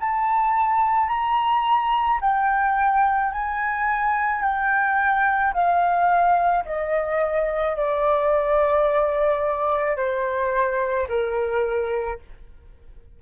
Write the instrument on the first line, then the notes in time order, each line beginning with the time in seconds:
flute
0.00 A5
1.08 A#5
2.21 G5
3.32 G#5
4.41 G5
5.53 F5
6.65 D#5
7.76 D5
9.96 C5
11.08 A#4